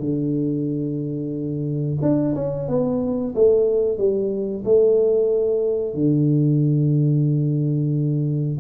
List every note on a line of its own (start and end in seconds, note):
0.00 1.98 D3
2.02 2.35 D4
2.35 2.68 C#4
2.69 3.34 B3
3.35 3.98 A3
3.98 4.64 G3
4.65 5.95 A3
5.95 8.58 D3